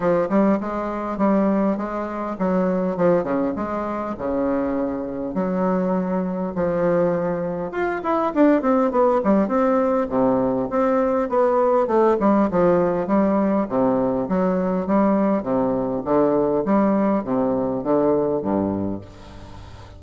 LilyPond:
\new Staff \with { instrumentName = "bassoon" } { \time 4/4 \tempo 4 = 101 f8 g8 gis4 g4 gis4 | fis4 f8 cis8 gis4 cis4~ | cis4 fis2 f4~ | f4 f'8 e'8 d'8 c'8 b8 g8 |
c'4 c4 c'4 b4 | a8 g8 f4 g4 c4 | fis4 g4 c4 d4 | g4 c4 d4 g,4 | }